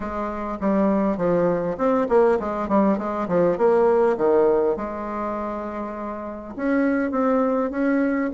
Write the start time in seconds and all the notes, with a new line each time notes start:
0.00 G#3
0.60 G3
1.17 F3
1.77 C4
2.08 A#3
2.39 G#3
2.68 G3
2.98 G#3
3.28 F3
3.57 A#3
4.17 D#3
4.76 G#3
6.55 C#4
7.11 C4
7.71 C#4